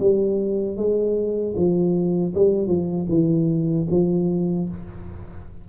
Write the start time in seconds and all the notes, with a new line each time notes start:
0.00 G3
0.77 G#3
1.56 F3
2.35 G3
2.67 F3
3.09 E3
3.91 F3